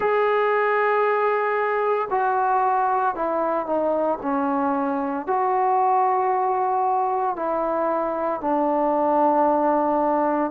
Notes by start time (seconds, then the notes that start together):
0.00 G#4
2.10 F#4
3.15 E4
3.66 D#4
4.22 C#4
5.26 F#4
7.36 E4
8.41 D4